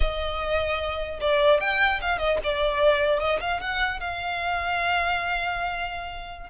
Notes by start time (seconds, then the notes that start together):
0.00 D#5
1.20 D5
1.60 G5
2.01 F5
2.18 D#5
2.43 D5
3.19 D#5
3.40 F5
3.60 F#5
4.00 F5